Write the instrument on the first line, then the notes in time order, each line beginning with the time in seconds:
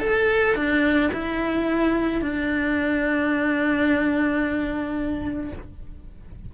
cello
0.00 A4
0.55 D4
1.13 E4
2.21 D4